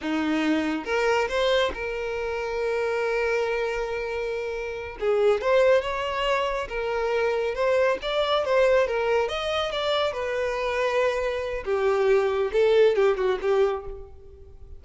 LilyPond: \new Staff \with { instrumentName = "violin" } { \time 4/4 \tempo 4 = 139 dis'2 ais'4 c''4 | ais'1~ | ais'2.~ ais'8 gis'8~ | gis'8 c''4 cis''2 ais'8~ |
ais'4. c''4 d''4 c''8~ | c''8 ais'4 dis''4 d''4 b'8~ | b'2. g'4~ | g'4 a'4 g'8 fis'8 g'4 | }